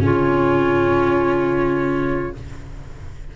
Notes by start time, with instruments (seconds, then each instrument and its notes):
0.00 tuba C#3, viola C#4, clarinet F4, flute C#5